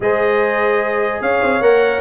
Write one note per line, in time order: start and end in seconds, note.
0.00 1.20 G#3
0.00 1.62 G#4
0.00 1.22 C5
0.00 1.21 D#5
1.20 1.41 C#4
1.20 2.00 C#5
1.20 1.62 F5
1.42 1.60 C4
1.60 2.00 A#3
1.60 2.00 A#4
1.60 2.00 F#5